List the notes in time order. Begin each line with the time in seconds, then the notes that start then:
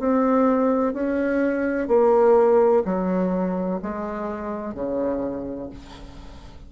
0.00 C4
0.94 C#4
1.88 A#3
2.86 F#3
3.83 G#3
4.75 C#3